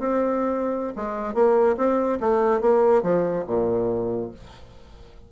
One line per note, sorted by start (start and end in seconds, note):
0.00 0.94 C4
0.96 1.35 G#3
1.35 1.77 A#3
1.77 2.19 C4
2.21 2.61 A3
2.61 3.03 A#3
3.03 3.45 F3
3.47 4.31 A#2